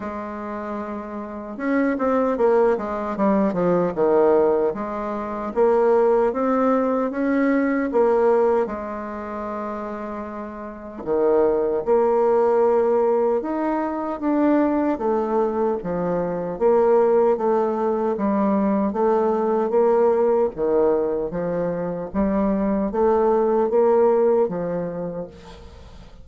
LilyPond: \new Staff \with { instrumentName = "bassoon" } { \time 4/4 \tempo 4 = 76 gis2 cis'8 c'8 ais8 gis8 | g8 f8 dis4 gis4 ais4 | c'4 cis'4 ais4 gis4~ | gis2 dis4 ais4~ |
ais4 dis'4 d'4 a4 | f4 ais4 a4 g4 | a4 ais4 dis4 f4 | g4 a4 ais4 f4 | }